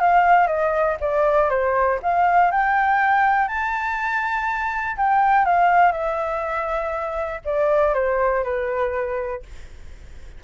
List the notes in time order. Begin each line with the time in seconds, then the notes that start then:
0.00 F5
0.47 D#5
1.00 D5
1.50 C5
2.03 F5
2.51 G5
3.48 A5
4.97 G5
5.45 F5
5.92 E5
7.45 D5
7.94 C5
8.44 B4